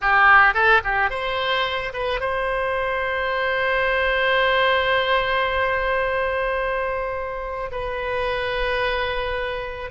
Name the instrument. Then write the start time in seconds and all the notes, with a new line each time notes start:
oboe
0.01 G4
0.54 A4
0.84 G4
1.10 C5
1.93 B4
2.20 C5
7.71 B4